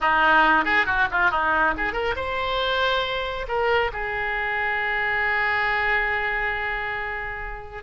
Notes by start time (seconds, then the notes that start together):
0.00 D#4
0.64 G#4
0.86 F#4
1.11 F4
1.30 D#4
1.77 G#4
1.92 A#4
2.16 C5
3.47 A#4
3.92 G#4